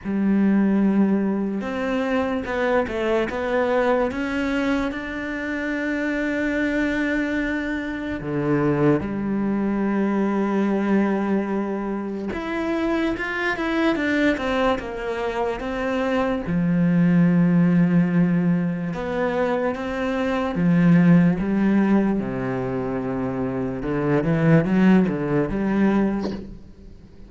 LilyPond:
\new Staff \with { instrumentName = "cello" } { \time 4/4 \tempo 4 = 73 g2 c'4 b8 a8 | b4 cis'4 d'2~ | d'2 d4 g4~ | g2. e'4 |
f'8 e'8 d'8 c'8 ais4 c'4 | f2. b4 | c'4 f4 g4 c4~ | c4 d8 e8 fis8 d8 g4 | }